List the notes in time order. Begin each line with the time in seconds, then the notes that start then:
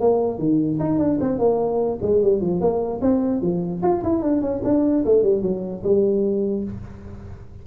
0.00 A#3
0.38 D#3
0.79 D#4
0.98 D4
1.20 C4
1.38 A#3
2.02 G#3
2.22 G3
2.41 F3
2.60 A#3
3.01 C4
3.41 F3
3.82 F4
4.03 E4
4.22 D4
4.41 C#4
4.64 D4
5.05 A3
5.23 G3
5.42 F#3
5.83 G3